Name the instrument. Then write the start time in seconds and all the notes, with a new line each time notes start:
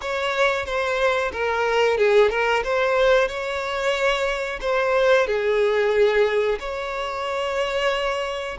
violin
0.01 C#5
0.65 C5
1.32 A#4
1.97 G#4
2.30 A#4
2.63 C5
3.28 C#5
4.60 C5
5.26 G#4
6.59 C#5